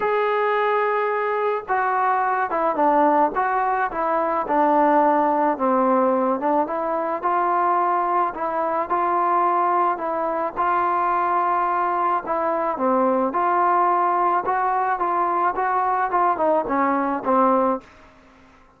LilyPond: \new Staff \with { instrumentName = "trombone" } { \time 4/4 \tempo 4 = 108 gis'2. fis'4~ | fis'8 e'8 d'4 fis'4 e'4 | d'2 c'4. d'8 | e'4 f'2 e'4 |
f'2 e'4 f'4~ | f'2 e'4 c'4 | f'2 fis'4 f'4 | fis'4 f'8 dis'8 cis'4 c'4 | }